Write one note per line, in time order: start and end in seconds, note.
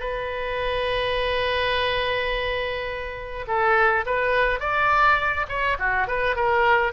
0.00 3.46 B4
3.48 4.05 A4
4.06 4.60 B4
4.60 5.47 D5
5.49 5.77 C#5
5.79 6.08 F#4
6.08 6.36 B4
6.36 6.93 A#4